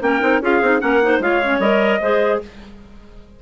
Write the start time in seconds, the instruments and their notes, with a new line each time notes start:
0.00 bassoon A#3, clarinet C#4 A#4, trumpet G5
0.20 bassoon C4, clarinet D#4
0.41 bassoon C#4, clarinet F4 G#4, trumpet F5
0.61 bassoon C4, clarinet D#4
0.79 bassoon A#3, clarinet C#4 A#4, trumpet F#5
1.02 clarinet D#4 C5
1.20 bassoon G#3, clarinet F4 C#5, trumpet F5
1.43 clarinet C#4
1.59 bassoon G3, clarinet A#4, trumpet D#5
2.00 bassoon G#3, clarinet G#4 C5